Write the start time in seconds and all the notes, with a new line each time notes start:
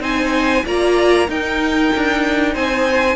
0.00 C4 D#4 C5 G#5
0.66 A#3 F4 D5 A#5
1.27 D#4 A#4 G5
1.97 D4
2.54 C4 C5 G#5